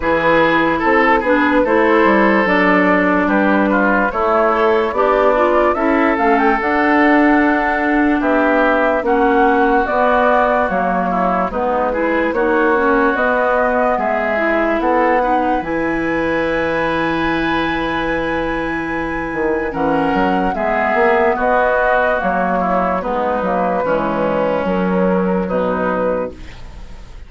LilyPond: <<
  \new Staff \with { instrumentName = "flute" } { \time 4/4 \tempo 4 = 73 b'4 a'8 b'8 c''4 d''4 | b'4 cis''4 d''4 e''8 f''16 g''16 | fis''2 e''4 fis''4 | d''4 cis''4 b'4 cis''4 |
dis''4 e''4 fis''4 gis''4~ | gis''1 | fis''4 e''4 dis''4 cis''4 | b'2 ais'4 b'4 | }
  \new Staff \with { instrumentName = "oboe" } { \time 4/4 gis'4 a'8 gis'8 a'2 | g'8 f'8 e'4 d'4 a'4~ | a'2 g'4 fis'4~ | fis'4. e'8 dis'8 gis'8 fis'4~ |
fis'4 gis'4 a'8 b'4.~ | b'1 | ais'4 gis'4 fis'4. e'8 | dis'4 cis'2 dis'4 | }
  \new Staff \with { instrumentName = "clarinet" } { \time 4/4 e'4. d'8 e'4 d'4~ | d'4 a8 a'8 g'8 f'8 e'8 cis'8 | d'2. cis'4 | b4 ais4 b8 e'8 dis'8 cis'8 |
b4. e'4 dis'8 e'4~ | e'1 | cis'4 b2 ais4 | b8 ais8 gis4 fis2 | }
  \new Staff \with { instrumentName = "bassoon" } { \time 4/4 e4 c'8 b8 a8 g8 fis4 | g4 a4 b4 cis'8 a8 | d'2 b4 ais4 | b4 fis4 gis4 ais4 |
b4 gis4 b4 e4~ | e2.~ e8 dis8 | e8 fis8 gis8 ais8 b4 fis4 | gis8 fis8 e4 fis4 b,4 | }
>>